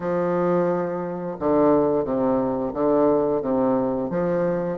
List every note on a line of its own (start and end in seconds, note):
0.00 1.36 F3
1.39 2.04 D3
2.04 2.72 C3
2.73 3.41 D3
3.41 4.09 C3
4.10 4.78 F3